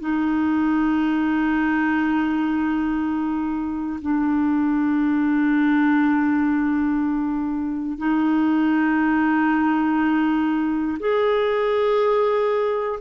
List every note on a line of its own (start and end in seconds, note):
0.00 4.00 D#4
4.02 7.98 D4
7.98 10.98 D#4
11.00 13.00 G#4